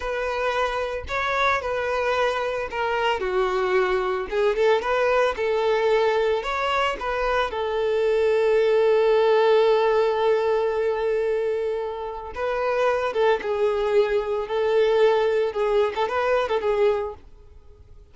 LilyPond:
\new Staff \with { instrumentName = "violin" } { \time 4/4 \tempo 4 = 112 b'2 cis''4 b'4~ | b'4 ais'4 fis'2 | gis'8 a'8 b'4 a'2 | cis''4 b'4 a'2~ |
a'1~ | a'2. b'4~ | b'8 a'8 gis'2 a'4~ | a'4 gis'8. a'16 b'8. a'16 gis'4 | }